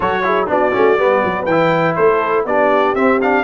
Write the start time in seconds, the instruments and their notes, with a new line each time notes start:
0.00 tuba F#3, trombone F#4, horn A4, trumpet C#5
0.23 trombone E4, horn G#4
0.46 tuba B3, trombone D4, horn F#4, trumpet D5
0.72 tuba A3, trombone C#4
0.97 tuba G3, trombone B3, horn B4
1.24 tuba F#3
1.45 tuba E3, trombone E4, trumpet G5
1.95 tuba A3, horn A4, trumpet C5
2.45 tuba B3, trombone D4, horn G4, trumpet D5
2.94 tuba C4, trombone C4, trumpet E5
3.21 trombone D4, trumpet F5